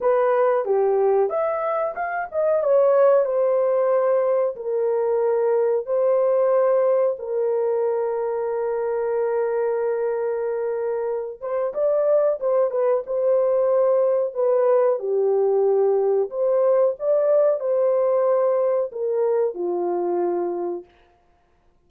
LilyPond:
\new Staff \with { instrumentName = "horn" } { \time 4/4 \tempo 4 = 92 b'4 g'4 e''4 f''8 dis''8 | cis''4 c''2 ais'4~ | ais'4 c''2 ais'4~ | ais'1~ |
ais'4. c''8 d''4 c''8 b'8 | c''2 b'4 g'4~ | g'4 c''4 d''4 c''4~ | c''4 ais'4 f'2 | }